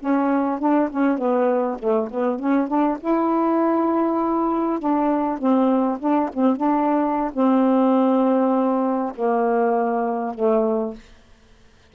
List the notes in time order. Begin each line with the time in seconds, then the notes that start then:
0.00 C#4
0.60 D4
0.91 C#4
1.18 B3
1.79 A3
2.11 B3
2.39 C#4
2.68 D4
3.00 E4
4.80 D4
5.39 C4
6.00 D4
6.34 C4
6.57 D4
7.33 C4
9.16 A#3
10.35 A3